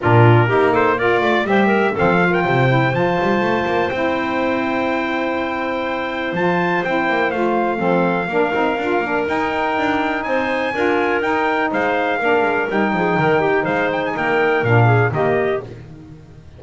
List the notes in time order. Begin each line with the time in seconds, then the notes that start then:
0.00 A#2 D4 F4 A#4
0.47 A#3 D#4 G4
0.72 A4 C5
0.97 F4 A#4 D5
1.21 A3 D5
1.43 G3 G4 E5
1.49 C5
1.66 A#4
1.92 C4 A4
1.98 F3 F5
2.22 F4
2.30 A#4 G5
2.44 C3 C5
2.68 E4
2.93 F3 F4 A5
3.21 G3
3.40 A3
3.65 A#3
3.89 C4 E4 G5
6.32 F3 F4 A5
6.84 C4 E4 G5
7.09 A#3
7.30 A3 F4 F5
7.77 F3 C4 A4
8.27 A#3 D4 A#4
8.52 C4 D#4
8.78 D4 F4
8.99 A#3 D4
9.26 D#4 G5
9.77 D4
10.23 C4 C5 G#5
10.74 D4 F4 A#4
11.21 D#4 G5
11.70 G#3 C5 F5
12.18 A#3 D4 A#4
12.42 G#3
12.69 G3 D#4 G5
12.92 F3 G#4
13.17 D#3 A#4
13.40 G4
13.62 G#3 C5 F5
13.91 G5
14.05 G#5
14.15 A#3 A#4 G5
14.63 A#2 D4 F5
14.85 G#4
15.11 D#3 A#3 G4 D#5